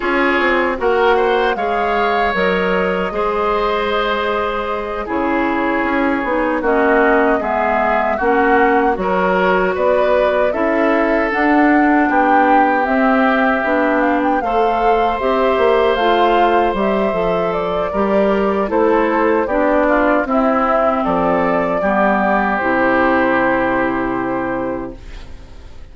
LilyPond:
<<
  \new Staff \with { instrumentName = "flute" } { \time 4/4 \tempo 4 = 77 cis''4 fis''4 f''4 dis''4~ | dis''2~ dis''8 cis''4.~ | cis''8 dis''4 e''4 fis''4 cis''8~ | cis''8 d''4 e''4 fis''4 g''8~ |
g''8 e''4. f''16 g''16 f''4 e''8~ | e''8 f''4 e''4 d''4. | c''4 d''4 e''4 d''4~ | d''4 c''2. | }
  \new Staff \with { instrumentName = "oboe" } { \time 4/4 gis'4 ais'8 c''8 cis''2 | c''2~ c''8 gis'4.~ | gis'8 fis'4 gis'4 fis'4 ais'8~ | ais'8 b'4 a'2 g'8~ |
g'2~ g'8 c''4.~ | c''2. ais'4 | a'4 g'8 f'8 e'4 a'4 | g'1 | }
  \new Staff \with { instrumentName = "clarinet" } { \time 4/4 f'4 fis'4 gis'4 ais'4 | gis'2~ gis'8 e'4. | dis'8 cis'4 b4 cis'4 fis'8~ | fis'4. e'4 d'4.~ |
d'8 c'4 d'4 a'4 g'8~ | g'8 f'4 g'8 a'4 g'4 | e'4 d'4 c'2 | b4 e'2. | }
  \new Staff \with { instrumentName = "bassoon" } { \time 4/4 cis'8 c'8 ais4 gis4 fis4 | gis2~ gis8 cis4 cis'8 | b8 ais4 gis4 ais4 fis8~ | fis8 b4 cis'4 d'4 b8~ |
b8 c'4 b4 a4 c'8 | ais8 a4 g8 f4 g4 | a4 b4 c'4 f4 | g4 c2. | }
>>